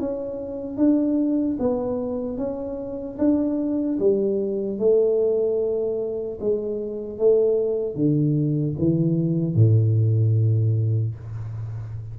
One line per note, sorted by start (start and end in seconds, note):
0.00 0.77 C#4
0.77 1.57 D4
1.60 2.38 B3
2.38 3.18 C#4
3.19 3.99 D4
4.00 4.79 G3
4.79 6.39 A3
6.41 7.19 G#3
7.19 7.96 A3
7.96 8.76 D3
8.79 9.56 E3
9.56 11.16 A2